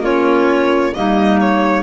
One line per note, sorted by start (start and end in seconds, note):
0.00 0.91 A#3
0.00 0.93 C#4
0.00 0.93 F4
0.00 0.94 C#5
0.94 1.83 G3
0.94 1.83 A#3
0.94 1.83 D#4
0.94 1.40 D#5
1.40 1.83 C#5